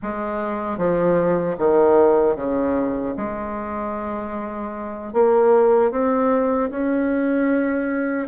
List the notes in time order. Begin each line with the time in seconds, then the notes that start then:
0.02 G#3
0.77 F3
1.58 D#3
2.35 C#3
3.16 G#3
5.13 A#3
5.91 C4
6.70 C#4